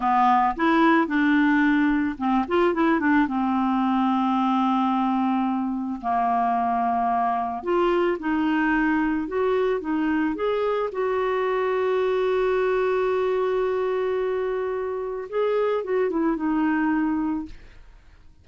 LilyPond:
\new Staff \with { instrumentName = "clarinet" } { \time 4/4 \tempo 4 = 110 b4 e'4 d'2 | c'8 f'8 e'8 d'8 c'2~ | c'2. ais4~ | ais2 f'4 dis'4~ |
dis'4 fis'4 dis'4 gis'4 | fis'1~ | fis'1 | gis'4 fis'8 e'8 dis'2 | }